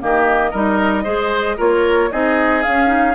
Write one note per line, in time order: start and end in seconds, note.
0.00 0.54 D#3
0.00 0.53 A#3
0.00 0.51 G4
0.00 1.60 D#5
0.51 1.06 G3
0.51 1.05 D#4
0.51 1.03 A#4
1.04 1.59 G#3
1.04 1.57 G#4
1.04 1.57 C5
1.57 2.12 A#3
1.57 2.10 F4
1.57 2.10 A#4
1.57 2.12 C#5
2.12 2.65 C4
2.12 2.65 D#4
2.12 3.15 G#4
2.12 2.62 D#5
2.62 2.87 C#4
2.62 3.15 C#4
2.62 3.15 F5
2.87 3.13 D#4